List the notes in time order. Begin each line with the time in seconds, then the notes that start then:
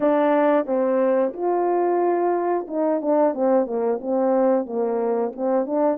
0.00 D4
0.66 C4
1.33 F4
2.67 D#4
3.01 D4
3.34 C4
3.66 A#3
4.01 C4
4.65 A#3
5.35 C4
5.65 D4